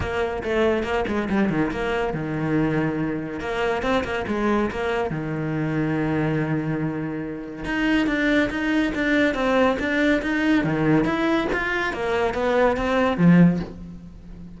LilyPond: \new Staff \with { instrumentName = "cello" } { \time 4/4 \tempo 4 = 141 ais4 a4 ais8 gis8 g8 dis8 | ais4 dis2. | ais4 c'8 ais8 gis4 ais4 | dis1~ |
dis2 dis'4 d'4 | dis'4 d'4 c'4 d'4 | dis'4 dis4 e'4 f'4 | ais4 b4 c'4 f4 | }